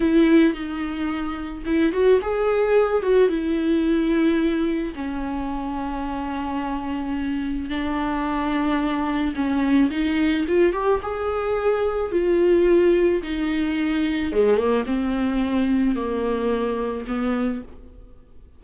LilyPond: \new Staff \with { instrumentName = "viola" } { \time 4/4 \tempo 4 = 109 e'4 dis'2 e'8 fis'8 | gis'4. fis'8 e'2~ | e'4 cis'2.~ | cis'2 d'2~ |
d'4 cis'4 dis'4 f'8 g'8 | gis'2 f'2 | dis'2 gis8 ais8 c'4~ | c'4 ais2 b4 | }